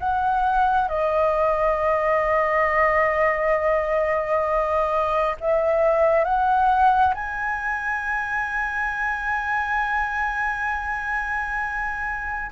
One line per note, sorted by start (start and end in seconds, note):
0.00 0.89 F#5
0.89 5.36 D#5
5.41 6.25 E5
6.25 7.14 F#5
7.14 12.52 G#5